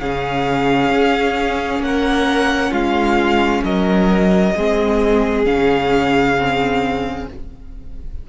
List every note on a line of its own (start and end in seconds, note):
0.00 0.91 C#3
0.00 4.56 C#4
0.00 1.84 G#4
0.00 1.83 F5
0.91 1.80 C#4
1.80 2.71 A#3
1.80 2.73 F#5
1.87 2.71 A#4
2.71 3.63 G#3
2.71 3.62 F4
2.71 3.64 F5
3.64 4.55 F#3
3.64 4.55 A#4
3.64 5.45 D#5
4.55 5.46 G#3
4.55 5.45 C4
4.55 7.28 G#4
5.45 7.28 C#3
5.45 6.36 C#4
5.45 7.27 F5
6.39 7.30 C4